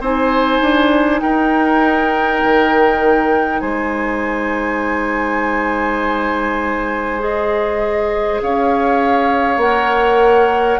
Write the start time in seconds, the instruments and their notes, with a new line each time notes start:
0.00 bassoon C4, clarinet D#4, oboe C5, flute G#5
0.61 bassoon D4
1.21 bassoon D#4, oboe A#4, flute G5
2.44 bassoon D#3
3.60 bassoon G#3, oboe C5, flute G#5
7.20 clarinet G#4, flute D#5
8.42 bassoon C#4, oboe C#5, flute F5
9.57 bassoon A#3, clarinet A#4, flute F#5